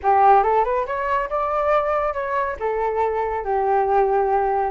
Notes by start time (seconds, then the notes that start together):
0.02 G4
0.43 A4
0.64 B4
0.86 C#5
1.29 D5
2.13 C#5
2.59 A4
3.44 G4